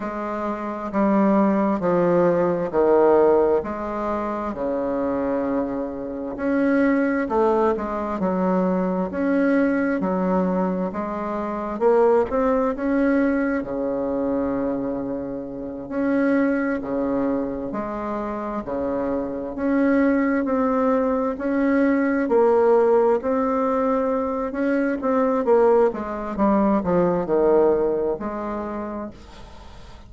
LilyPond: \new Staff \with { instrumentName = "bassoon" } { \time 4/4 \tempo 4 = 66 gis4 g4 f4 dis4 | gis4 cis2 cis'4 | a8 gis8 fis4 cis'4 fis4 | gis4 ais8 c'8 cis'4 cis4~ |
cis4. cis'4 cis4 gis8~ | gis8 cis4 cis'4 c'4 cis'8~ | cis'8 ais4 c'4. cis'8 c'8 | ais8 gis8 g8 f8 dis4 gis4 | }